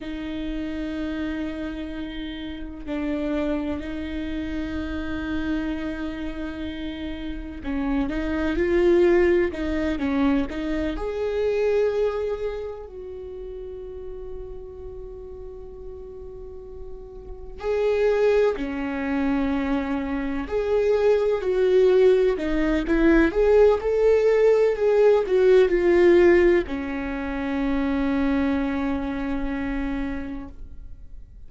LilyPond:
\new Staff \with { instrumentName = "viola" } { \time 4/4 \tempo 4 = 63 dis'2. d'4 | dis'1 | cis'8 dis'8 f'4 dis'8 cis'8 dis'8 gis'8~ | gis'4. fis'2~ fis'8~ |
fis'2~ fis'8 gis'4 cis'8~ | cis'4. gis'4 fis'4 dis'8 | e'8 gis'8 a'4 gis'8 fis'8 f'4 | cis'1 | }